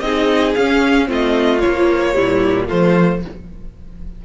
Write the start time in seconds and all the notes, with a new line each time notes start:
0.00 C4 D#4 G#4 D#5
0.55 C#4 F5
1.06 A3 C4 F4
1.13 D#5
1.60 F3 C#5
1.67 A#3
2.14 A#2 G3 E4
2.67 F3 A3 F4 C5